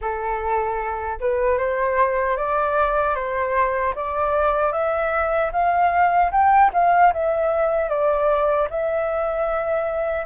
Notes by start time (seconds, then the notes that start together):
0.01 A4
1.20 B4
1.58 C5
2.36 D5
3.15 C5
3.95 D5
4.72 E5
5.52 F5
6.31 G5
6.73 F5
7.13 E5
7.89 D5
8.69 E5